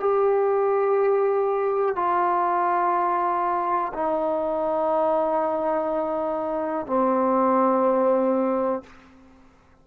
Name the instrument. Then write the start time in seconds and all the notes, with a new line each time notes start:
trombone
0.00 G4
1.96 F4
3.94 D#4
6.87 C4